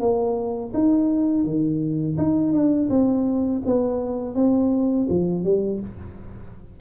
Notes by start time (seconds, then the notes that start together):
0.00 A#3
0.74 D#4
1.45 D#3
2.18 D#4
2.53 D4
2.90 C4
3.65 B3
4.35 C4
5.09 F3
5.44 G3